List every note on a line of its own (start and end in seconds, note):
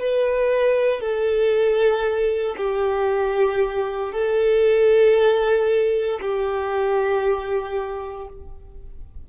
0.00 1.01 B4
1.01 2.56 A4
2.58 4.13 G4
4.13 6.20 A4
6.22 8.29 G4